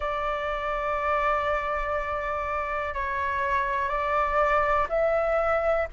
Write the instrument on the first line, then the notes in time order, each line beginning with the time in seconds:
flute
0.00 D5
2.93 C#5
3.89 D5
4.89 E5